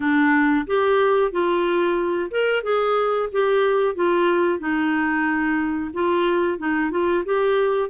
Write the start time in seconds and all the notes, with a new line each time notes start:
0.00 D4
0.66 G4
1.31 F4
2.30 A#4
2.63 G#4
3.31 G4
3.95 F4
4.59 D#4
5.93 F4
6.58 D#4
6.91 F4
7.25 G4